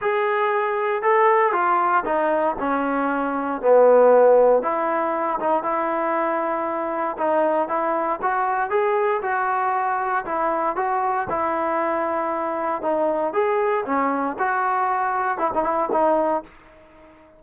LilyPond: \new Staff \with { instrumentName = "trombone" } { \time 4/4 \tempo 4 = 117 gis'2 a'4 f'4 | dis'4 cis'2 b4~ | b4 e'4. dis'8 e'4~ | e'2 dis'4 e'4 |
fis'4 gis'4 fis'2 | e'4 fis'4 e'2~ | e'4 dis'4 gis'4 cis'4 | fis'2 e'16 dis'16 e'8 dis'4 | }